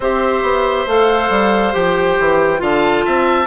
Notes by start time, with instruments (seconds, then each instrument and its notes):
0.00 bassoon C4, clarinet G4, oboe C5, flute E5
0.42 bassoon B3
0.86 bassoon A3, clarinet A4, flute F5
1.29 bassoon G3
1.72 bassoon F3, clarinet G4, flute G5
2.18 bassoon E3
2.58 bassoon D3, clarinet F4, oboe F5, flute A5
3.05 bassoon C4, oboe E5